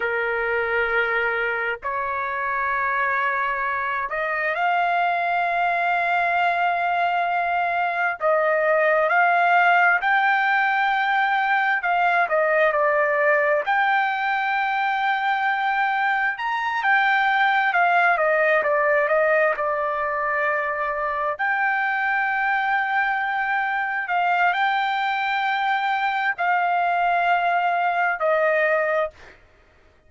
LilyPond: \new Staff \with { instrumentName = "trumpet" } { \time 4/4 \tempo 4 = 66 ais'2 cis''2~ | cis''8 dis''8 f''2.~ | f''4 dis''4 f''4 g''4~ | g''4 f''8 dis''8 d''4 g''4~ |
g''2 ais''8 g''4 f''8 | dis''8 d''8 dis''8 d''2 g''8~ | g''2~ g''8 f''8 g''4~ | g''4 f''2 dis''4 | }